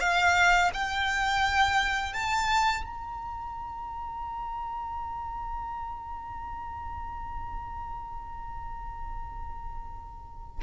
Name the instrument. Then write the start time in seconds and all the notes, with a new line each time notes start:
violin
0.00 F5
0.73 G5
2.13 A5
2.84 A#5